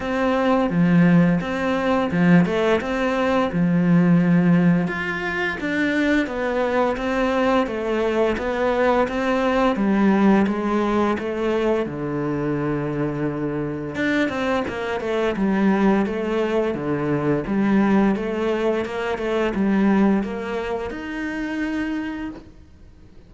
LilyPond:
\new Staff \with { instrumentName = "cello" } { \time 4/4 \tempo 4 = 86 c'4 f4 c'4 f8 a8 | c'4 f2 f'4 | d'4 b4 c'4 a4 | b4 c'4 g4 gis4 |
a4 d2. | d'8 c'8 ais8 a8 g4 a4 | d4 g4 a4 ais8 a8 | g4 ais4 dis'2 | }